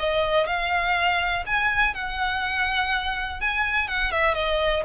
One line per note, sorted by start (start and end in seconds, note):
0.00 0.47 D#5
0.47 1.45 F5
1.47 1.95 G#5
1.95 3.41 F#5
3.41 3.88 G#5
3.88 4.12 F#5
4.12 4.35 E5
4.35 4.84 D#5